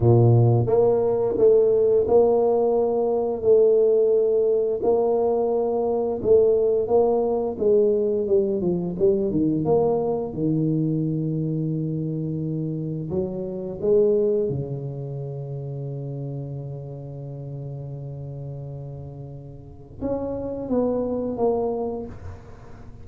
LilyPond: \new Staff \with { instrumentName = "tuba" } { \time 4/4 \tempo 4 = 87 ais,4 ais4 a4 ais4~ | ais4 a2 ais4~ | ais4 a4 ais4 gis4 | g8 f8 g8 dis8 ais4 dis4~ |
dis2. fis4 | gis4 cis2.~ | cis1~ | cis4 cis'4 b4 ais4 | }